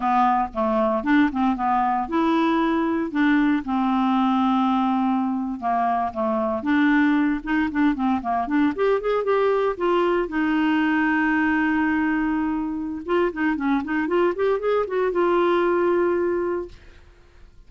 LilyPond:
\new Staff \with { instrumentName = "clarinet" } { \time 4/4 \tempo 4 = 115 b4 a4 d'8 c'8 b4 | e'2 d'4 c'4~ | c'2~ c'8. ais4 a16~ | a8. d'4. dis'8 d'8 c'8 ais16~ |
ais16 d'8 g'8 gis'8 g'4 f'4 dis'16~ | dis'1~ | dis'4 f'8 dis'8 cis'8 dis'8 f'8 g'8 | gis'8 fis'8 f'2. | }